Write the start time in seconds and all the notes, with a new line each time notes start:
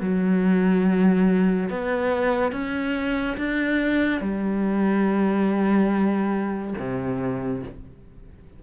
0.00 F#3
1.69 B3
2.52 C#4
3.36 D4
4.20 G3
6.78 C3